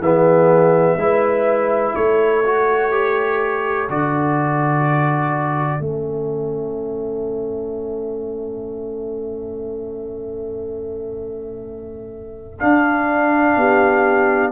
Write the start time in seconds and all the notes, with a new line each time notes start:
0.00 E3 B3 G#4 E5
0.96 G#3 E4
1.03 B4
1.96 A3 A4 C#5
2.46 F#4
2.92 G4
3.90 D3 F#4 D5
5.80 A3 C#4 E5
12.60 D4 F5
13.57 B3 G4